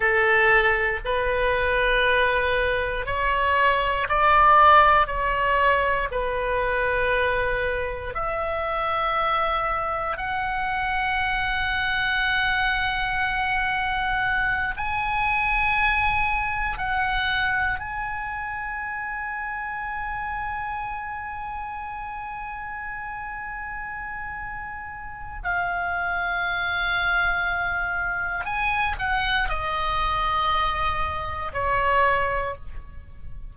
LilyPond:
\new Staff \with { instrumentName = "oboe" } { \time 4/4 \tempo 4 = 59 a'4 b'2 cis''4 | d''4 cis''4 b'2 | e''2 fis''2~ | fis''2~ fis''8 gis''4.~ |
gis''8 fis''4 gis''2~ gis''8~ | gis''1~ | gis''4 f''2. | gis''8 fis''8 dis''2 cis''4 | }